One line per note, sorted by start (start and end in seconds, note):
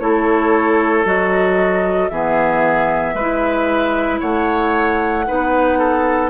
0.00 1.05 A3
0.00 1.05 E4
0.00 2.12 A4
0.00 1.05 C#5
1.05 2.10 F#3
1.05 2.10 F#4
1.05 2.09 D#5
2.09 3.14 E3
2.09 3.16 B3
2.09 3.15 G#4
2.09 4.20 E5
3.14 4.20 G#3
3.14 4.20 B4
3.21 5.27 E4
4.20 5.28 A3
4.20 5.25 C#5
4.20 6.30 F#5
5.27 6.30 B3
5.27 6.30 D#4
5.27 5.79 B4
5.79 6.30 A4